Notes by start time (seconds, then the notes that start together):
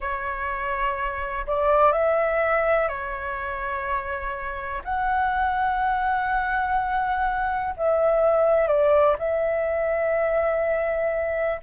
0.00 C#5
1.46 D5
1.92 E5
2.88 C#5
4.84 F#5
7.76 E5
8.67 D5
9.18 E5